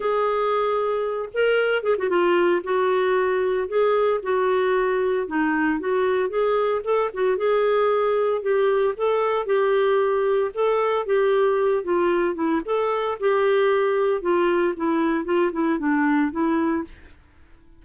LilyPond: \new Staff \with { instrumentName = "clarinet" } { \time 4/4 \tempo 4 = 114 gis'2~ gis'8 ais'4 gis'16 fis'16 | f'4 fis'2 gis'4 | fis'2 dis'4 fis'4 | gis'4 a'8 fis'8 gis'2 |
g'4 a'4 g'2 | a'4 g'4. f'4 e'8 | a'4 g'2 f'4 | e'4 f'8 e'8 d'4 e'4 | }